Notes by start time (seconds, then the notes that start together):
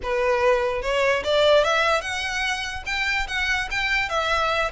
0.02 B4
0.81 C#5
1.23 D5
1.64 E5
2.01 F#5
2.86 G5
3.27 F#5
3.70 G5
4.09 E5